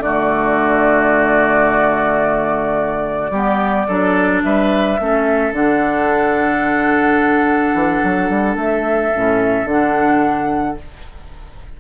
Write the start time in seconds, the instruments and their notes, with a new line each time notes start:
0.00 bassoon D3, clarinet A3, oboe F#4, flute D5
3.31 bassoon G3, clarinet B3, oboe G4
3.88 bassoon F#3, clarinet D4, oboe A4
4.44 bassoon G3, oboe B4, flute E5
5.00 bassoon A3, clarinet C#4, oboe A4
5.53 bassoon D3, clarinet D4, flute F#5
7.74 bassoon E3
8.04 bassoon F#3
8.30 bassoon G3
8.56 bassoon A3, flute E5
9.14 bassoon A2, clarinet C#4
9.65 bassoon D3, clarinet D4, flute F#5